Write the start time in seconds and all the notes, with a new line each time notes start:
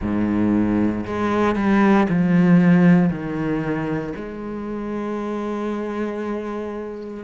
0.01 G#2
1.06 G#3
1.55 G3
2.09 F3
3.09 D#3
4.16 G#3